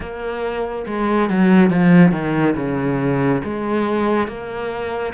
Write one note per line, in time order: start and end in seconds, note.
0.00 0.85 A#3
0.86 1.29 G#3
1.29 1.69 F#3
1.69 2.11 F3
2.11 2.54 D#3
2.56 3.41 C#3
3.44 4.27 G#3
4.27 5.13 A#3